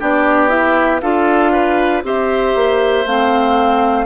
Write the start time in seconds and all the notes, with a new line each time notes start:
0.00 B3 D4 G4 D5
0.49 E4 E5
1.01 D4 F4 A4 F5
1.53 B4
2.04 C4 G4 C5 E5
2.55 A#3
3.06 A3 C4 F5